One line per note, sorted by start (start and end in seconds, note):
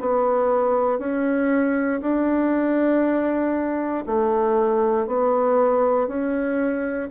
0.00 0.99 B3
0.99 2.01 C#4
2.01 4.04 D4
4.06 5.07 A3
5.07 6.08 B3
6.08 7.10 C#4